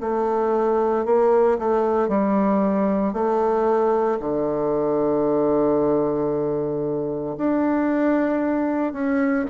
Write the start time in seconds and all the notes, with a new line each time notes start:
0.00 A3
1.05 A#3
1.58 A3
2.08 G3
3.13 A3
4.20 D3
7.37 D4
8.92 C#4